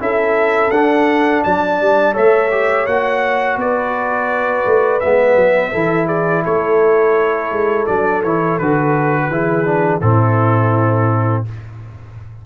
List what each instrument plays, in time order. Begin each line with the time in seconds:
0.00 tuba C#4, trombone E4, horn A4, trumpet E5
0.71 tuba D4, trombone D4, trumpet F#5
1.44 tuba F#3, horn D5, trumpet A5
1.80 tuba G3
2.13 tuba A3, trombone A4, horn C#5, trumpet E5
2.51 trombone G4
2.86 tuba A#3, trombone F#4, trumpet F#5
3.57 tuba B3, horn B4, trumpet D5
4.66 tuba A3
5.00 tuba G#3, trombone B3, trumpet E5
5.35 tuba F#3
5.72 tuba E3, trombone E4, horn A4
6.07 horn G#4, trumpet D5
6.44 tuba A3, horn A4, trumpet C#5
7.51 tuba G#3
7.86 tuba F#3, trombone D4, trumpet D5
8.23 tuba E3, trombone E4, trumpet C#5
8.58 tuba D3, trombone F#4, trumpet B4
9.29 tuba E3, trombone E4, horn G#4
9.65 trombone D4
10.01 tuba A2, trombone C4, horn E4, trumpet A4